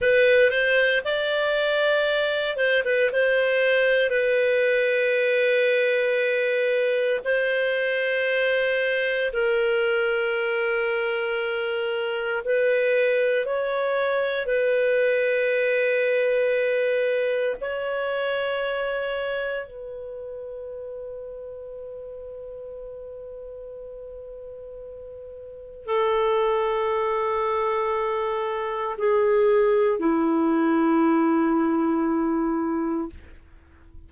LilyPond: \new Staff \with { instrumentName = "clarinet" } { \time 4/4 \tempo 4 = 58 b'8 c''8 d''4. c''16 b'16 c''4 | b'2. c''4~ | c''4 ais'2. | b'4 cis''4 b'2~ |
b'4 cis''2 b'4~ | b'1~ | b'4 a'2. | gis'4 e'2. | }